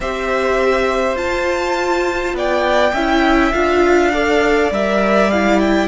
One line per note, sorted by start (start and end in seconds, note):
0.00 1.15 C4
0.00 1.15 G4
0.00 2.36 C5
0.00 1.17 E5
1.15 2.91 F4
1.15 2.33 F4
1.15 2.34 A5
2.33 2.92 B3
2.33 2.93 D5
2.33 3.53 G5
2.93 3.51 C#4
2.93 3.53 E4
2.93 4.11 E5
3.53 4.70 D4
3.53 4.12 F4
3.53 4.71 F5
4.13 4.72 A4
4.13 5.88 D5
4.70 5.88 G3
4.70 5.31 A#4
4.70 5.30 E5
5.30 5.88 E4
5.30 5.59 F5
5.59 5.88 G5